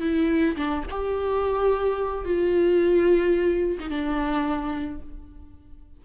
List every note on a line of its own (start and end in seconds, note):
0.00 0.56 E4
0.56 0.84 D4
0.90 2.24 G4
2.24 3.77 F4
3.79 3.89 D#4
3.89 5.00 D4